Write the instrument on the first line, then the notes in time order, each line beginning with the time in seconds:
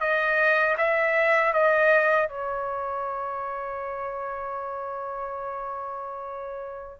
trumpet
0.00 D#5
0.77 E5
1.53 D#5
2.28 C#5